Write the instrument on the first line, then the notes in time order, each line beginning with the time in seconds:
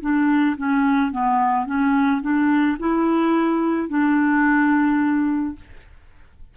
clarinet
0.00 D4
0.57 C#4
1.11 B3
1.66 C#4
2.21 D4
2.79 E4
3.88 D4